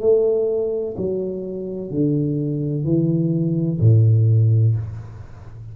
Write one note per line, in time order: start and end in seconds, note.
0.00 0.95 A3
0.97 1.90 F#3
1.90 2.84 D3
2.84 3.80 E3
3.80 4.75 A2